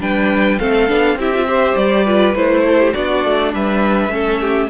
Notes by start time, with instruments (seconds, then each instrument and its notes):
0.00 cello G3, viola D4, violin B4 G5
0.59 cello A3, viola C4, violin A4 F5
0.88 cello B3, viola D4
1.16 cello C4, viola E4, violin G4 E5
1.35 viola F4
1.48 viola G4, violin C5
1.76 cello G3, violin D5
2.05 viola F4, violin B4
2.36 cello A3, viola E4, violin C5
2.67 violin A4
2.79 violin G4
2.94 cello B3, viola D4, violin F#4 D5
3.25 cello A3
3.55 cello G3, violin B4 E5
4.09 cello A3, viola C#4, violin A4
4.41 violin G4